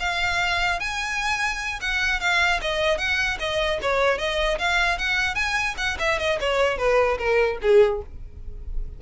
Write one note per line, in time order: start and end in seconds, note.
0.00 0.80 F5
0.80 1.80 G#5
1.81 2.20 F#5
2.20 2.60 F5
2.61 2.98 D#5
2.98 3.38 F#5
3.40 3.80 D#5
3.82 4.18 C#5
4.18 4.58 D#5
4.59 4.98 F5
4.98 5.35 F#5
5.35 5.75 G#5
5.77 5.97 F#5
5.99 6.19 E5
6.19 6.39 D#5
6.40 6.78 C#5
6.78 7.18 B4
7.18 7.58 A#4
7.62 8.02 G#4